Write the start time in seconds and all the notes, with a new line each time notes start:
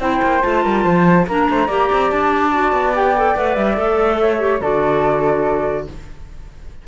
0.00 C4 E4 C5 G5
0.23 A#3
0.42 A3 F4 A5
0.63 G3 A#4
0.84 F3 C5
1.27 A#3 D4 A#4 A#5
1.50 A3 C5
1.68 A#3 G4 D5
1.92 C4
2.10 D4 A5
2.51 F#4
2.72 B3
2.94 G4 G5
3.17 A4
3.36 A3 B4 F#5
3.55 G3 E5
3.76 A3 A4
4.21 C#5
4.39 G4
4.61 D3 F#4 A4 D5